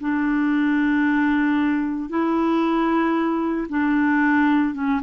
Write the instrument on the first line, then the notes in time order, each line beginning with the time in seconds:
clarinet
0.00 D4
2.09 E4
3.69 D4
4.74 C#4